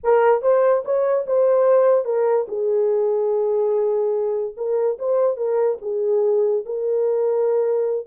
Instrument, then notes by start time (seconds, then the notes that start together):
horn
0.03 A#4
0.41 C5
0.84 C#5
1.26 C5
2.05 A#4
2.47 G#4
4.56 A#4
4.98 C5
5.36 A#4
5.81 G#4
6.65 A#4